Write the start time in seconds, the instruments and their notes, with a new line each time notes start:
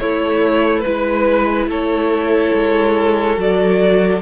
0.00 cello A3, viola A3, violin E4 C#5
0.80 violin B4
0.86 cello G#3, viola E4, violin B4
1.67 cello A3, violin A4 C#5
2.55 cello G#3
3.37 cello F#3, viola F#4, violin D5